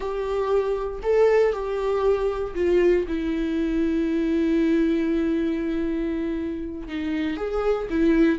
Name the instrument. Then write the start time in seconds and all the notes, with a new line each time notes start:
viola
0.00 G4
1.02 A4
1.52 G4
2.54 F4
3.08 E4
6.88 D#4
7.36 G#4
7.90 E4